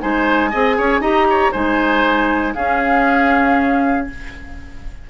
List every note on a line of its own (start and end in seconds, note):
0.00 0.53 G#3
0.00 0.51 D#4
0.00 0.51 C5
0.00 1.02 G#5
0.51 0.79 C4
0.51 1.02 G#4
0.51 0.76 D#5
0.78 1.00 C#4
0.78 1.01 C#5
1.00 1.51 D#4
1.00 1.53 G4
1.00 1.27 D#5
1.00 1.53 A#5
1.30 1.52 C#5
1.52 2.56 G#3
1.52 2.55 D#4
1.52 2.54 C5
1.52 2.55 G#5
2.55 4.08 C#4
2.55 4.10 C#4
2.55 4.08 G#4
2.55 4.07 F5